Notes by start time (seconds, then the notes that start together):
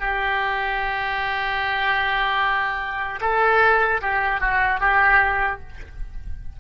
0.00 G4
3.21 A4
4.02 G4
4.41 F#4
4.80 G4